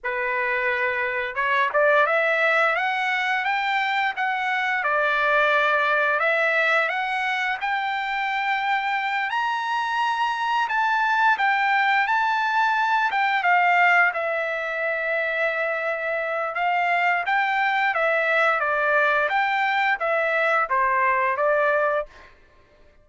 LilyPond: \new Staff \with { instrumentName = "trumpet" } { \time 4/4 \tempo 4 = 87 b'2 cis''8 d''8 e''4 | fis''4 g''4 fis''4 d''4~ | d''4 e''4 fis''4 g''4~ | g''4. ais''2 a''8~ |
a''8 g''4 a''4. g''8 f''8~ | f''8 e''2.~ e''8 | f''4 g''4 e''4 d''4 | g''4 e''4 c''4 d''4 | }